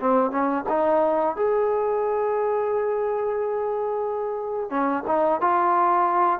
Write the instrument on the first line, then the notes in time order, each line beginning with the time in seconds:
trombone
0.00 C4
0.31 C#4
0.69 D#4
1.36 G#4
4.70 C#4
5.07 D#4
5.41 F4